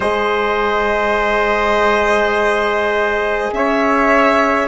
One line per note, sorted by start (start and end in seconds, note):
0.00 3.50 G#3
0.00 4.68 G#4
0.00 3.52 C5
0.00 3.53 D#5
3.52 4.68 C#4
3.52 4.68 C#5
3.52 4.68 E5